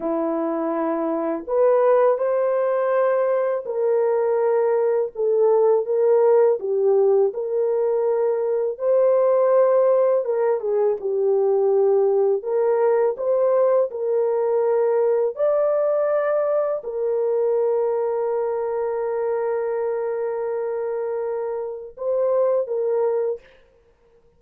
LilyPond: \new Staff \with { instrumentName = "horn" } { \time 4/4 \tempo 4 = 82 e'2 b'4 c''4~ | c''4 ais'2 a'4 | ais'4 g'4 ais'2 | c''2 ais'8 gis'8 g'4~ |
g'4 ais'4 c''4 ais'4~ | ais'4 d''2 ais'4~ | ais'1~ | ais'2 c''4 ais'4 | }